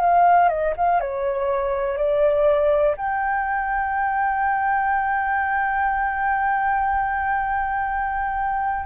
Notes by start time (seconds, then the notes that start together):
0.00 F5
0.49 D#5
0.77 F5
1.01 C#5
1.98 D5
2.97 G5